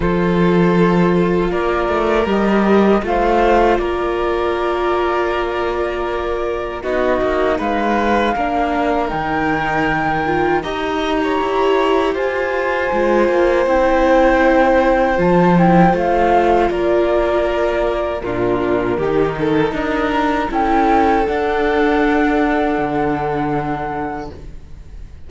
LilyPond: <<
  \new Staff \with { instrumentName = "flute" } { \time 4/4 \tempo 4 = 79 c''2 d''4 dis''4 | f''4 d''2.~ | d''4 dis''4 f''2 | g''2 ais''2 |
gis''2 g''2 | a''8 g''8 f''4 d''2 | ais'2 dis''8 ais''8 g''4 | fis''1 | }
  \new Staff \with { instrumentName = "violin" } { \time 4/4 a'2 ais'2 | c''4 ais'2.~ | ais'4 fis'4 b'4 ais'4~ | ais'2 dis''8. cis''4~ cis''16 |
c''1~ | c''2 ais'2 | f'4 g'8 a'8 ais'4 a'4~ | a'1 | }
  \new Staff \with { instrumentName = "viola" } { \time 4/4 f'2. g'4 | f'1~ | f'4 dis'2 d'4 | dis'4. f'8 g'2~ |
g'4 f'4 e'2 | f'8 e'8 f'2. | d'4 dis'2 e'4 | d'1 | }
  \new Staff \with { instrumentName = "cello" } { \time 4/4 f2 ais8 a8 g4 | a4 ais2.~ | ais4 b8 ais8 gis4 ais4 | dis2 dis'4 e'4 |
f'4 gis8 ais8 c'2 | f4 a4 ais2 | ais,4 dis4 d'4 cis'4 | d'2 d2 | }
>>